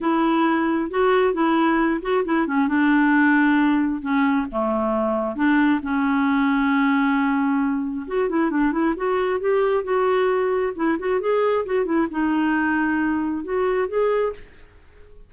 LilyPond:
\new Staff \with { instrumentName = "clarinet" } { \time 4/4 \tempo 4 = 134 e'2 fis'4 e'4~ | e'8 fis'8 e'8 cis'8 d'2~ | d'4 cis'4 a2 | d'4 cis'2.~ |
cis'2 fis'8 e'8 d'8 e'8 | fis'4 g'4 fis'2 | e'8 fis'8 gis'4 fis'8 e'8 dis'4~ | dis'2 fis'4 gis'4 | }